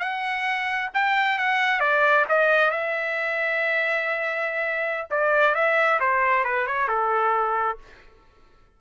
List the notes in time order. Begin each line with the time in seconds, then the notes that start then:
0.00 F#5
0.95 G5
1.39 F#5
1.80 D5
2.29 D#5
2.71 E5
5.11 D5
5.55 E5
6.01 C5
6.45 B4
6.67 C#5
6.88 A4